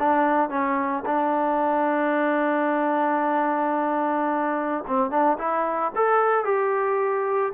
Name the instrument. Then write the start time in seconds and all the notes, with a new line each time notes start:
trombone
0.00 D4
0.50 C#4
1.06 D4
4.87 C4
5.11 D4
5.39 E4
5.96 A4
6.45 G4